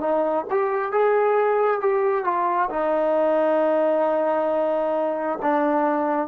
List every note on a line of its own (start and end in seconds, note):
0.00 0.45 D#4
0.51 0.92 G4
0.92 1.81 G#4
1.81 2.25 G4
2.25 2.69 F4
2.70 5.39 D#4
5.42 6.28 D4